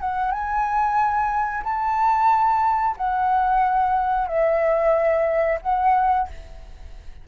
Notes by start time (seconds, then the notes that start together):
0.00 F#5
0.31 G#5
1.63 A5
2.97 F#5
4.27 E5
5.61 F#5